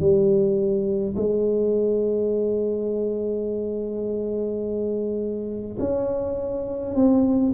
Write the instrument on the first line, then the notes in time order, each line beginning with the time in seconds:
tuba
0.00 G3
1.16 G#3
5.80 C#4
6.95 C4